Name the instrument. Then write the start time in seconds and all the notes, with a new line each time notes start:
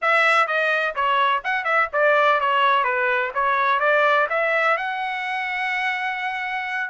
trumpet
0.01 E5
0.47 D#5
0.95 C#5
1.44 F#5
1.64 E5
1.93 D5
2.40 C#5
2.84 B4
3.34 C#5
3.79 D5
4.29 E5
4.77 F#5